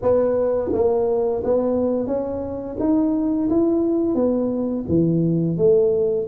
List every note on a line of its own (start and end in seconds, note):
0.02 0.71 B3
0.73 1.42 A#3
1.44 2.06 B3
2.06 2.76 C#4
2.79 3.49 D#4
3.49 4.14 E4
4.14 4.84 B3
4.88 5.57 E3
5.57 6.26 A3